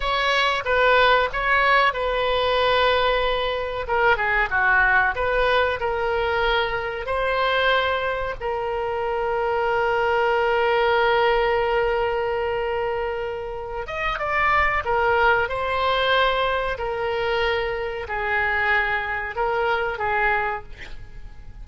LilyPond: \new Staff \with { instrumentName = "oboe" } { \time 4/4 \tempo 4 = 93 cis''4 b'4 cis''4 b'4~ | b'2 ais'8 gis'8 fis'4 | b'4 ais'2 c''4~ | c''4 ais'2.~ |
ais'1~ | ais'4. dis''8 d''4 ais'4 | c''2 ais'2 | gis'2 ais'4 gis'4 | }